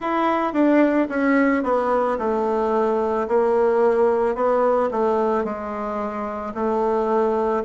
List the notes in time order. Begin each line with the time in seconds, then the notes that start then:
0.00 E4
0.53 D4
1.09 C#4
1.63 B3
2.18 A3
3.27 A#3
4.35 B3
4.91 A3
5.44 G#3
6.54 A3